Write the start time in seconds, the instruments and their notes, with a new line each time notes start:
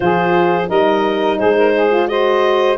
0.00 tuba F3, horn F4, saxophone G#4, clarinet C5
0.68 tuba G3, horn D#4, saxophone A#4, clarinet D#5
1.37 tuba G#3, saxophone G#4, clarinet C5
1.56 saxophone A#4
1.74 saxophone G#4
1.90 horn F4
2.07 horn F#4, saxophone C5, clarinet D#5